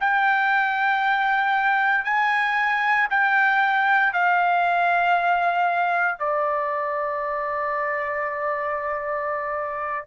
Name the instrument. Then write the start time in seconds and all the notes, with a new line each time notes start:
trumpet
0.00 G5
2.04 G#5
3.10 G5
4.13 F5
6.19 D5